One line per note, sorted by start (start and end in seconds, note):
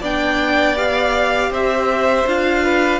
0.00 1.50 B3
0.00 0.76 D4
0.00 1.50 D5
0.00 0.77 G5
0.76 2.26 G4
0.76 1.52 F5
1.50 2.25 C4
1.50 2.63 C5
1.50 2.28 E5
2.26 3.00 D4
2.26 3.00 F4
2.26 3.00 F5
2.63 3.00 B4